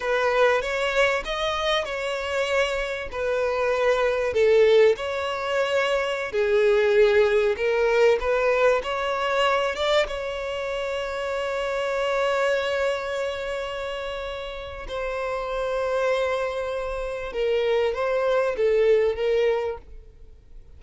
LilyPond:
\new Staff \with { instrumentName = "violin" } { \time 4/4 \tempo 4 = 97 b'4 cis''4 dis''4 cis''4~ | cis''4 b'2 a'4 | cis''2~ cis''16 gis'4.~ gis'16~ | gis'16 ais'4 b'4 cis''4. d''16~ |
d''16 cis''2.~ cis''8.~ | cis''1 | c''1 | ais'4 c''4 a'4 ais'4 | }